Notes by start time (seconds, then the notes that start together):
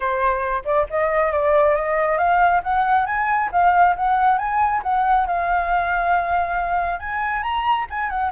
0.00 C5
0.65 D5
0.90 D#5
1.32 D5
1.75 D#5
2.18 F5
2.63 F#5
3.06 G#5
3.52 F5
3.96 F#5
4.38 G#5
4.83 F#5
5.27 F5
6.99 G#5
7.42 A#5
7.90 G#5
8.09 F#5